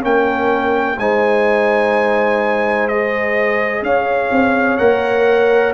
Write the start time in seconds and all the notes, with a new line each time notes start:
0.00 A#3 C#4 A#4 G5
0.98 G#3 D#4 C5 G#5
2.88 G#4 D#5
3.82 C#4 C#5 F5
4.31 C4
4.77 A#3 A#4 F#5